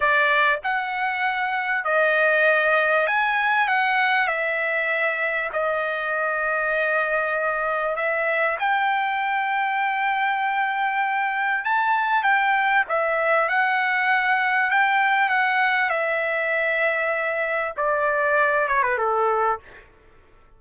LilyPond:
\new Staff \with { instrumentName = "trumpet" } { \time 4/4 \tempo 4 = 98 d''4 fis''2 dis''4~ | dis''4 gis''4 fis''4 e''4~ | e''4 dis''2.~ | dis''4 e''4 g''2~ |
g''2. a''4 | g''4 e''4 fis''2 | g''4 fis''4 e''2~ | e''4 d''4. cis''16 b'16 a'4 | }